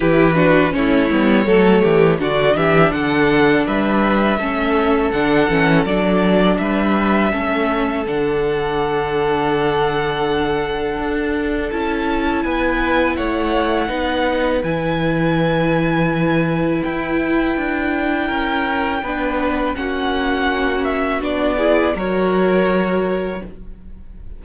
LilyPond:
<<
  \new Staff \with { instrumentName = "violin" } { \time 4/4 \tempo 4 = 82 b'4 cis''2 d''8 e''8 | fis''4 e''2 fis''4 | d''4 e''2 fis''4~ | fis''1 |
a''4 gis''4 fis''2 | gis''2. g''4~ | g''2. fis''4~ | fis''8 e''8 d''4 cis''2 | }
  \new Staff \with { instrumentName = "violin" } { \time 4/4 g'8 fis'8 e'4 a'8 g'8 fis'8 g'8 | a'4 b'4 a'2~ | a'4 b'4 a'2~ | a'1~ |
a'4 b'4 cis''4 b'4~ | b'1~ | b'4 ais'4 b'4 fis'4~ | fis'4. gis'8 ais'2 | }
  \new Staff \with { instrumentName = "viola" } { \time 4/4 e'8 d'8 cis'8 b8 a4 d'4~ | d'2 cis'4 d'8 cis'8 | d'2 cis'4 d'4~ | d'1 |
e'2. dis'4 | e'1~ | e'2 d'4 cis'4~ | cis'4 d'8 e'8 fis'2 | }
  \new Staff \with { instrumentName = "cello" } { \time 4/4 e4 a8 g8 fis8 e8 d8 e8 | d4 g4 a4 d8 e8 | fis4 g4 a4 d4~ | d2. d'4 |
cis'4 b4 a4 b4 | e2. e'4 | d'4 cis'4 b4 ais4~ | ais4 b4 fis2 | }
>>